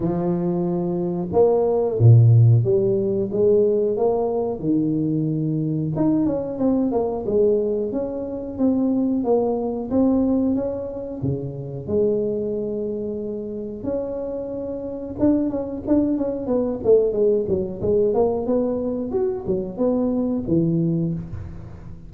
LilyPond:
\new Staff \with { instrumentName = "tuba" } { \time 4/4 \tempo 4 = 91 f2 ais4 ais,4 | g4 gis4 ais4 dis4~ | dis4 dis'8 cis'8 c'8 ais8 gis4 | cis'4 c'4 ais4 c'4 |
cis'4 cis4 gis2~ | gis4 cis'2 d'8 cis'8 | d'8 cis'8 b8 a8 gis8 fis8 gis8 ais8 | b4 fis'8 fis8 b4 e4 | }